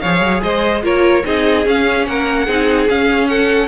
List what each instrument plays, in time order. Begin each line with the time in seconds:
0.00 cello F3, viola G#4, violin C#5 F5
0.21 cello F#3
0.42 cello G#3, violin C5 D#5
0.82 cello A#3, viola F4, violin A#4 C#5
1.23 cello C4, viola D#4, violin G#4 D#5
1.66 cello C#4, viola C#4, violin F5
2.06 cello A#3, violin A#4 F#5
2.45 cello C4, viola D#4, violin G#4
2.89 cello C#4, viola C#4, violin F5
3.27 violin A4 F#5